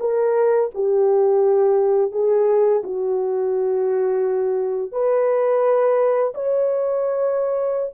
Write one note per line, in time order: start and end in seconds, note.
0.00 0.71 A#4
0.74 2.12 G4
2.12 2.82 G#4
2.84 4.92 F#4
4.92 6.33 B4
6.35 7.93 C#5